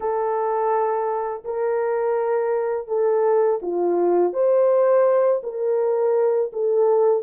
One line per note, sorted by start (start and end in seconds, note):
0.00 1.43 A4
1.44 2.87 A#4
2.87 3.59 A4
3.62 4.33 F4
4.33 5.41 C5
5.43 6.51 A#4
6.52 7.23 A4